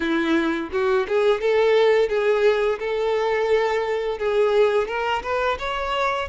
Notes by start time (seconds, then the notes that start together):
0.00 E4
0.72 F#4
1.08 G#4
1.40 A4
2.09 G#4
2.79 A4
4.18 G#4
4.87 A#4
5.23 B4
5.58 C#5